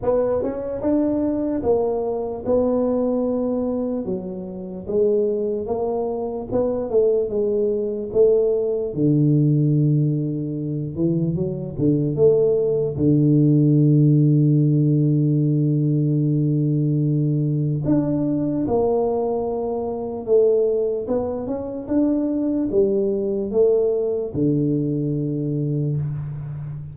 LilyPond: \new Staff \with { instrumentName = "tuba" } { \time 4/4 \tempo 4 = 74 b8 cis'8 d'4 ais4 b4~ | b4 fis4 gis4 ais4 | b8 a8 gis4 a4 d4~ | d4. e8 fis8 d8 a4 |
d1~ | d2 d'4 ais4~ | ais4 a4 b8 cis'8 d'4 | g4 a4 d2 | }